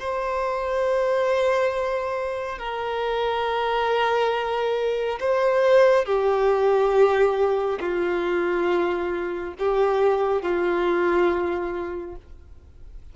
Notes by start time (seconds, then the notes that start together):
0.00 C5
2.59 A#4
5.20 C5
6.06 G4
7.80 F4
9.59 G4
10.43 F4